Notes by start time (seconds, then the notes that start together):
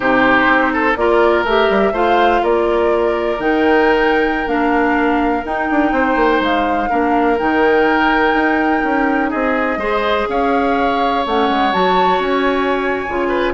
0.00 C3 D#4 G4 C5
0.47 C4
0.73 A4
0.95 A#3 F4 A#4 D5
1.43 A3 G4 E5
1.69 G3
1.92 A3 F4 C5 F5
2.42 A#3 A#4 D5
3.39 D#3 D#4 G5
4.46 A#3 D4 F5
5.44 D#4 G5
5.71 D4
5.91 C4 C5
6.15 A#3
6.40 G#3 F5
6.89 A#3 D4 A#4
7.37 D#3 D#4 G5
8.33 D#4
8.83 C#4
9.30 C4 G#4 D#5
9.77 G#3 G#4 C5
10.28 C#4 C#5 F5
11.26 A3 C#4 F#5
11.49 G#3
11.72 F#3 F#4 A5
12.19 C#4 G#5
13.08 C#3 F4
13.28 B4